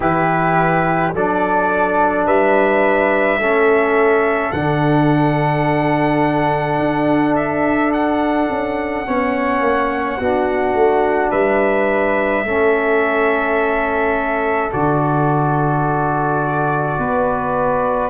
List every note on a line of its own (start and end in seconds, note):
0.00 1.13 E3
0.00 1.13 E4
0.00 1.13 G4
0.00 1.14 B4
1.13 2.26 F#3
1.13 3.40 D4
1.13 2.25 A4
1.13 2.26 D5
2.25 3.37 G3
2.25 3.38 B4
2.25 4.52 E5
3.37 4.51 A3
3.37 4.53 C#4
3.37 9.06 A4
4.52 6.79 D3
4.52 9.06 D4
4.52 7.35 F#5
6.79 8.48 D4
7.35 7.92 E5
7.93 11.31 F#5
8.50 9.06 C#4
9.06 9.60 B3
9.06 10.19 C#4
9.06 10.17 C#5
9.60 10.17 A#3
10.17 10.74 B3
10.17 12.46 D4
10.17 11.30 F#4
10.74 11.30 A3
11.30 12.44 G3
11.30 12.43 B4
11.30 14.71 E5
12.44 14.70 A3
12.44 14.71 C#4
12.44 16.99 A4
14.71 16.98 D3
14.71 18.09 F#4
14.71 18.09 D5
16.98 18.09 B3
16.98 18.09 B4